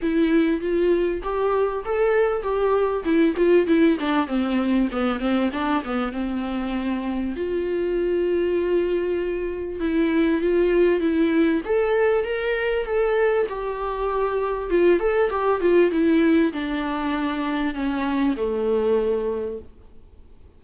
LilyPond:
\new Staff \with { instrumentName = "viola" } { \time 4/4 \tempo 4 = 98 e'4 f'4 g'4 a'4 | g'4 e'8 f'8 e'8 d'8 c'4 | b8 c'8 d'8 b8 c'2 | f'1 |
e'4 f'4 e'4 a'4 | ais'4 a'4 g'2 | f'8 a'8 g'8 f'8 e'4 d'4~ | d'4 cis'4 a2 | }